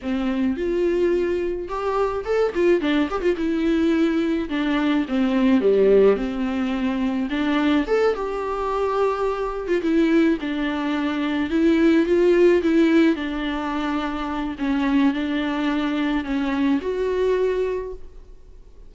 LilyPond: \new Staff \with { instrumentName = "viola" } { \time 4/4 \tempo 4 = 107 c'4 f'2 g'4 | a'8 f'8 d'8 g'16 f'16 e'2 | d'4 c'4 g4 c'4~ | c'4 d'4 a'8 g'4.~ |
g'4~ g'16 f'16 e'4 d'4.~ | d'8 e'4 f'4 e'4 d'8~ | d'2 cis'4 d'4~ | d'4 cis'4 fis'2 | }